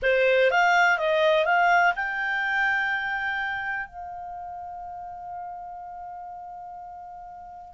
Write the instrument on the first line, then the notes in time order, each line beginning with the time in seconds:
clarinet
0.02 C5
0.50 F5
0.98 D#5
1.45 F5
1.95 G5
3.86 F5